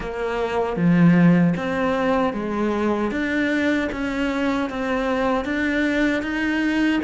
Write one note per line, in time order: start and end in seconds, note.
0.00 0.76 A#3
0.76 1.54 F3
1.57 2.33 C4
2.33 3.11 G#3
3.11 3.89 D4
3.92 4.69 C#4
4.69 5.44 C4
5.44 6.22 D4
6.22 7.00 D#4